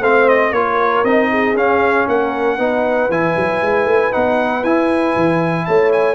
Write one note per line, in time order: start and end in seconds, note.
0.00 0.51 A3
0.00 0.54 C4
0.00 0.51 C5
0.00 0.28 F5
0.28 0.53 D#5
0.51 1.03 A#3
0.51 1.06 F4
0.51 1.04 C#5
0.57 1.30 A#4
1.04 1.54 C4
1.04 1.56 D#4
1.04 1.56 D#5
1.30 2.07 G#4
1.54 2.05 C#4
1.54 2.59 C#4
1.54 2.08 F5
2.08 2.58 A#3
2.08 2.57 A#4
2.08 3.11 F#5
2.57 3.09 B3
2.57 3.10 D#4
2.57 5.65 B4
3.09 3.35 E3
3.09 4.12 E4
3.09 4.13 G#5
3.36 3.62 F#3
3.62 3.85 G#3
3.85 4.11 A3
4.12 4.64 B3
4.12 4.63 D#4
4.12 4.64 F#5
4.64 5.15 E4
4.64 6.15 E4
4.64 5.65 G#5
5.16 5.67 E3
5.65 6.15 A3
5.65 6.15 C#5
5.65 5.91 A5
5.92 6.15 G#5